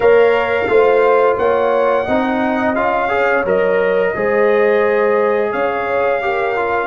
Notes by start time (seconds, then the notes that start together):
0.00 A#3 A#4 C#5 F5
0.68 A3 F4 C5
1.37 A#3 C#5 F#5
2.05 C4 D#4 D#5
2.75 C#4 F4 F5
3.08 G#4 C#5
3.44 F#3 A#4 D#5
4.15 G#3 G#4 C5
5.52 C#4 C#5 F5
6.21 G4 A#4
6.56 F4